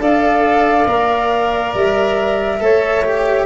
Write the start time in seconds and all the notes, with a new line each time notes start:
0.00 D4 A4 D5 F5
0.87 A#3 A#4
1.75 G3 E5
2.61 A3 A4 C#5
3.05 G4